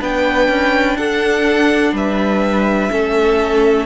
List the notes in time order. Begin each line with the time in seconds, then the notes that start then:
0.00 B3 D4 B4 G5
0.48 C#4
0.97 D4 A4 F#5
1.92 G3 B4 E5
2.90 A3 C#4 A4